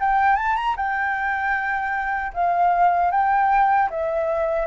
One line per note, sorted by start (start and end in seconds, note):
0.00 0.36 G5
0.36 0.55 A5
0.56 0.75 A#5
0.76 2.32 G5
2.33 3.11 F5
3.11 3.89 G5
3.90 4.66 E5